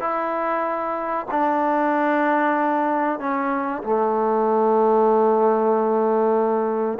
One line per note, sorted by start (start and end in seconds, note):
0.00 1.26 E4
1.31 3.19 D4
3.19 3.82 C#4
3.83 6.98 A3